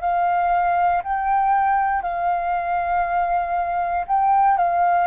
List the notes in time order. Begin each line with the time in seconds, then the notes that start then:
0.00 F5
1.03 G5
2.02 F5
4.07 G5
4.57 F5